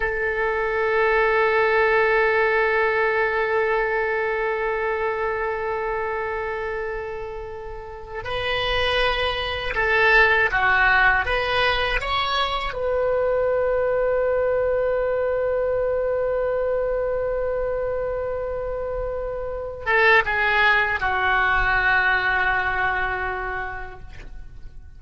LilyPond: \new Staff \with { instrumentName = "oboe" } { \time 4/4 \tempo 4 = 80 a'1~ | a'1~ | a'2. b'4~ | b'4 a'4 fis'4 b'4 |
cis''4 b'2.~ | b'1~ | b'2~ b'8 a'8 gis'4 | fis'1 | }